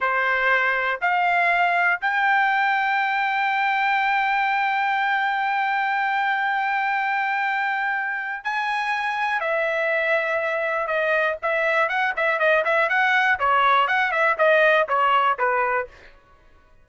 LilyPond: \new Staff \with { instrumentName = "trumpet" } { \time 4/4 \tempo 4 = 121 c''2 f''2 | g''1~ | g''1~ | g''1~ |
g''4 gis''2 e''4~ | e''2 dis''4 e''4 | fis''8 e''8 dis''8 e''8 fis''4 cis''4 | fis''8 e''8 dis''4 cis''4 b'4 | }